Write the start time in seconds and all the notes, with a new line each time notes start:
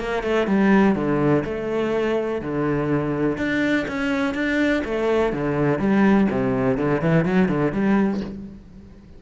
0.00 A#3
0.23 A3
0.47 G3
0.95 D3
1.45 A3
2.41 D3
3.38 D4
3.88 C#4
4.34 D4
4.85 A3
5.33 D3
5.79 G3
6.31 C3
6.78 D3
7.02 E3
7.25 F#3
7.49 D3
7.72 G3